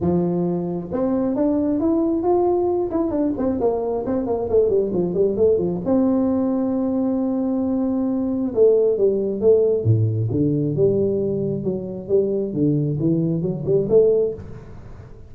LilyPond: \new Staff \with { instrumentName = "tuba" } { \time 4/4 \tempo 4 = 134 f2 c'4 d'4 | e'4 f'4. e'8 d'8 c'8 | ais4 c'8 ais8 a8 g8 f8 g8 | a8 f8 c'2.~ |
c'2. a4 | g4 a4 a,4 d4 | g2 fis4 g4 | d4 e4 fis8 g8 a4 | }